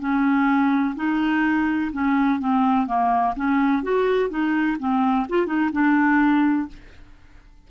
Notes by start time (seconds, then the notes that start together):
0.00 C#4
0.96 D#4
1.93 C#4
2.40 C4
2.87 A#3
3.36 C#4
3.83 F#4
4.30 D#4
4.80 C4
5.30 F4
5.47 D#4
5.73 D4